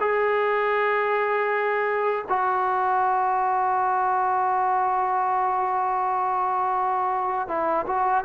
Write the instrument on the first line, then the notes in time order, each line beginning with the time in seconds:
trombone
0.00 G#4
2.29 F#4
7.48 E4
7.87 F#4